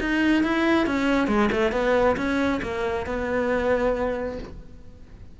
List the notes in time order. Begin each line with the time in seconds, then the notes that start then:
0.00 D#4
0.43 E4
0.87 C#4
1.27 G#3
1.52 A3
1.72 B3
2.17 C#4
2.62 A#3
3.06 B3